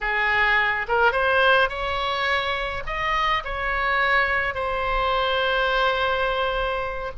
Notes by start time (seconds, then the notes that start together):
0.01 G#4
0.88 A#4
1.12 C5
1.69 C#5
2.86 D#5
3.44 C#5
4.54 C5